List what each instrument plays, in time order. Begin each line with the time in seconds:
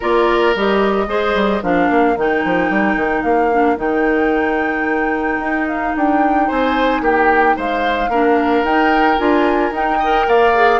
0.00 bassoon A#3, clarinet F4, oboe A#4, flute D5
0.55 bassoon G3, clarinet G4, flute D#5
1.07 bassoon G#3, clarinet G#4, oboe C5
1.34 bassoon G3
1.61 bassoon F3, clarinet D4, oboe A#4, flute F5
1.90 bassoon A#3
2.16 bassoon D#3, clarinet D#4, flute G5
2.44 bassoon F3
2.70 bassoon G3
2.95 bassoon D#3
3.22 bassoon A#3, flute F5
3.51 clarinet D4
3.76 bassoon D#3, clarinet D#4, flute G5
5.39 bassoon D#4
5.68 flute F5
5.95 bassoon D4, flute G5
6.47 bassoon C4, oboe C5, flute G#5
7.01 bassoon A#3, oboe G4, flute G5
7.56 bassoon G#3, oboe C5, flute F5
8.08 bassoon A#3, clarinet D4, oboe A#4
8.63 bassoon D#4, clarinet D#4, flute G5
9.18 bassoon D4, clarinet F4, flute G#5
9.71 bassoon D#4, clarinet D#4, flute G5
9.98 clarinet A#4, oboe D#5
10.27 bassoon A#3, oboe D5, flute F5
10.54 clarinet G#4